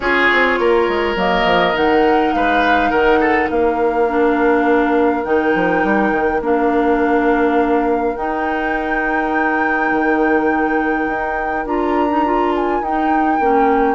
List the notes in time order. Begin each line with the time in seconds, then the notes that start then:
0.00 C#4 F4 G#4 C#5
0.32 C4
0.59 A#3 A#4
0.88 G#3
1.15 F#3 A#3 D#5
1.44 F3
1.74 D#3 D#4 F#5
2.33 G#3 B4 F5
2.89 D#3 A#4 F#5
3.20 A4
3.49 A#3 A#4 F5
4.08 D4
5.24 D#3 D#4 G5
5.54 F3
5.83 G3
6.11 D#3
6.40 A#3 D4 F5
8.15 D#4 G5
9.91 D#3
11.07 D#4
11.65 D4 F4 A#5
12.09 D#4
12.25 F4
12.55 G#5
12.80 D#4 G5
13.40 A#3 C#4